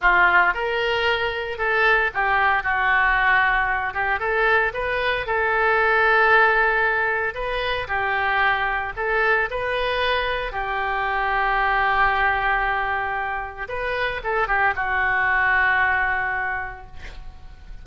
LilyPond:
\new Staff \with { instrumentName = "oboe" } { \time 4/4 \tempo 4 = 114 f'4 ais'2 a'4 | g'4 fis'2~ fis'8 g'8 | a'4 b'4 a'2~ | a'2 b'4 g'4~ |
g'4 a'4 b'2 | g'1~ | g'2 b'4 a'8 g'8 | fis'1 | }